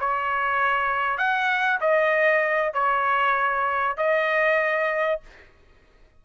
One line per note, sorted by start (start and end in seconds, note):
0.00 1.18 C#5
1.18 1.80 F#5
1.81 2.74 D#5
2.74 3.97 C#5
3.97 5.21 D#5